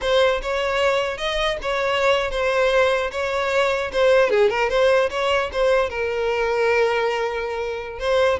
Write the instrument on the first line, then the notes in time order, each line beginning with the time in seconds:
violin
0.01 C5
0.42 C#5
1.17 D#5
1.61 C#5
2.30 C5
3.11 C#5
3.92 C5
4.30 G#4
4.49 A#4
4.69 C5
5.10 C#5
5.52 C5
5.89 A#4
7.99 C5